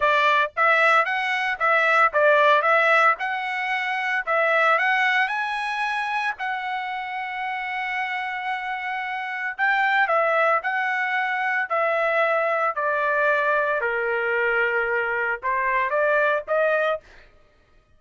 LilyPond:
\new Staff \with { instrumentName = "trumpet" } { \time 4/4 \tempo 4 = 113 d''4 e''4 fis''4 e''4 | d''4 e''4 fis''2 | e''4 fis''4 gis''2 | fis''1~ |
fis''2 g''4 e''4 | fis''2 e''2 | d''2 ais'2~ | ais'4 c''4 d''4 dis''4 | }